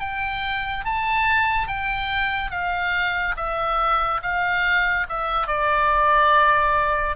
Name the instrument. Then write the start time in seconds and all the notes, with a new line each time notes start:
oboe
0.00 G5
0.85 A5
1.67 G5
2.50 F5
3.36 E5
4.22 F5
5.09 E5
5.47 D5